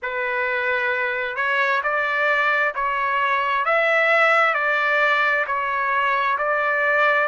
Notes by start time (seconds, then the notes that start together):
0.02 B4
1.36 C#5
1.83 D5
2.74 C#5
3.65 E5
4.54 D5
5.46 C#5
6.38 D5